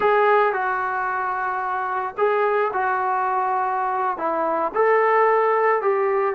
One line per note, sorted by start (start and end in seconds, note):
0.00 0.53 G#4
0.53 2.15 F#4
2.17 2.71 G#4
2.73 4.17 F#4
4.17 4.71 E4
4.74 5.81 A4
5.81 6.34 G4